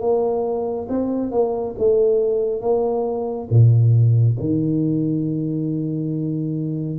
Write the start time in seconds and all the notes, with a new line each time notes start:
0.00 A#3
0.89 C4
1.31 A#3
1.78 A3
2.61 A#3
3.50 A#2
4.39 D#3